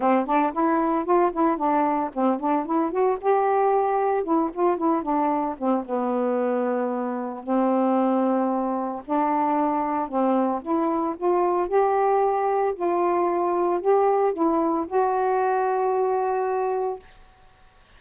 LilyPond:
\new Staff \with { instrumentName = "saxophone" } { \time 4/4 \tempo 4 = 113 c'8 d'8 e'4 f'8 e'8 d'4 | c'8 d'8 e'8 fis'8 g'2 | e'8 f'8 e'8 d'4 c'8 b4~ | b2 c'2~ |
c'4 d'2 c'4 | e'4 f'4 g'2 | f'2 g'4 e'4 | fis'1 | }